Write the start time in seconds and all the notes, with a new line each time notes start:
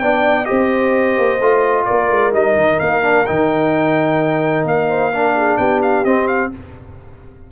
0.00 B3 D4 D5 G5
0.46 C4 G4 C5 D#5
1.18 A#3
1.41 A3 F4
1.86 A#3 A#4 D5
2.11 G#3
2.33 G3 D#4 D#5
2.57 D#3
2.80 A#3 F5
3.03 D4
3.26 D#3 D#4 G5
4.65 A#3 F5
4.89 C5
5.12 D4 A#4
5.36 G#4
5.58 B3 G4 G5
5.83 F5
6.05 C4 D#5
6.28 F5